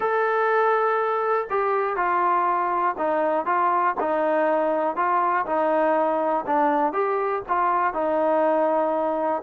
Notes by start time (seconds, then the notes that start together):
0.00 A4
1.49 G4
1.96 F4
2.98 D#4
3.45 F4
4.00 D#4
4.95 F4
5.45 D#4
6.46 D4
6.93 G4
7.48 F4
7.93 D#4